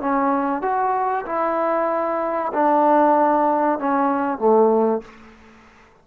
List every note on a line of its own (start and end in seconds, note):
0.00 0.62 C#4
0.62 1.25 F#4
1.26 2.52 E4
2.53 3.79 D4
3.79 4.38 C#4
4.38 5.01 A3